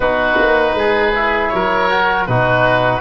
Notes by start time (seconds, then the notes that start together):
0.00 B3 D#4 F#4 B4
0.39 A#3
0.74 G#3 G#4
1.14 E4
1.49 F#3 A#4 C#5
1.89 F#4
2.26 B2 D#4 F#4 B4